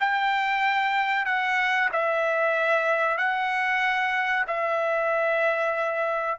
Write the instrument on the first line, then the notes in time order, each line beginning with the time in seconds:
trumpet
0.00 G5
1.25 F#5
1.92 E5
3.17 F#5
4.47 E5